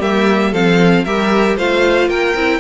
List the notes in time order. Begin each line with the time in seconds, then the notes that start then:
0.00 G3 A#3 G4 E5
0.52 F3 C4 A4 F5
1.05 G3 G4 A#4 E5
1.57 A3 F4 C5 F5
2.08 A#3 A#4 G5
2.35 C4 E4